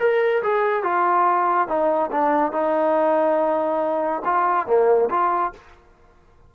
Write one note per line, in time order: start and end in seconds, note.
0.00 0.43 A#4
0.43 0.83 G#4
0.83 1.68 F4
1.68 2.11 D#4
2.12 2.52 D4
2.52 4.22 D#4
4.25 4.67 F4
4.67 5.09 A#3
5.10 5.52 F4